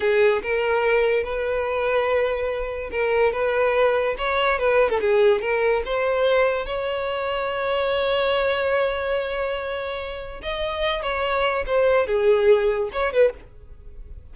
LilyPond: \new Staff \with { instrumentName = "violin" } { \time 4/4 \tempo 4 = 144 gis'4 ais'2 b'4~ | b'2. ais'4 | b'2 cis''4 b'8. a'16 | gis'4 ais'4 c''2 |
cis''1~ | cis''1~ | cis''4 dis''4. cis''4. | c''4 gis'2 cis''8 b'8 | }